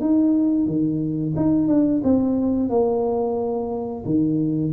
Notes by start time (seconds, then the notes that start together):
0.00 D#4
0.66 D#3
1.36 D#4
1.68 D4
2.04 C4
2.69 A#3
4.05 D#3